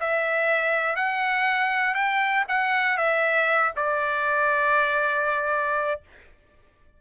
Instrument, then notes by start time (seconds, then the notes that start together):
trumpet
0.00 E5
0.95 F#5
1.94 G5
2.48 F#5
2.97 E5
3.76 D5